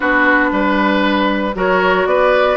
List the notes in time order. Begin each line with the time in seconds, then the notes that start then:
0.00 B3 D4 F#4 B4
0.51 G3 B4
1.55 F#3 F#4 A#4 C#5
2.05 B3 B4 D5